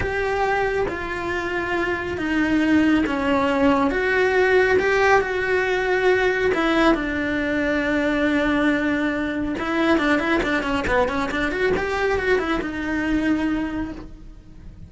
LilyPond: \new Staff \with { instrumentName = "cello" } { \time 4/4 \tempo 4 = 138 g'2 f'2~ | f'4 dis'2 cis'4~ | cis'4 fis'2 g'4 | fis'2. e'4 |
d'1~ | d'2 e'4 d'8 e'8 | d'8 cis'8 b8 cis'8 d'8 fis'8 g'4 | fis'8 e'8 dis'2. | }